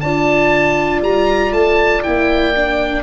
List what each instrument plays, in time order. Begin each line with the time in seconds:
0.00 tuba D4, viola F4, horn D5, oboe A5
1.01 tuba G3, oboe A#5
1.51 tuba A3, oboe A5
2.03 tuba A#3, viola E4, oboe G5
2.56 viola D4